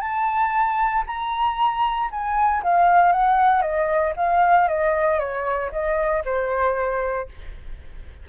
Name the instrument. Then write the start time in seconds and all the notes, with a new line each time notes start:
flute
0.00 A5
1.06 A#5
2.10 G#5
2.63 F5
3.12 F#5
3.62 D#5
4.16 F5
4.68 D#5
5.19 C#5
5.71 D#5
6.25 C5